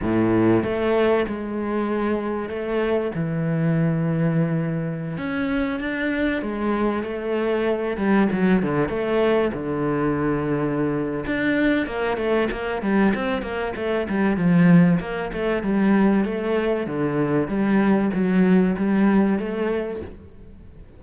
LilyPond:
\new Staff \with { instrumentName = "cello" } { \time 4/4 \tempo 4 = 96 a,4 a4 gis2 | a4 e2.~ | e16 cis'4 d'4 gis4 a8.~ | a8. g8 fis8 d8 a4 d8.~ |
d2 d'4 ais8 a8 | ais8 g8 c'8 ais8 a8 g8 f4 | ais8 a8 g4 a4 d4 | g4 fis4 g4 a4 | }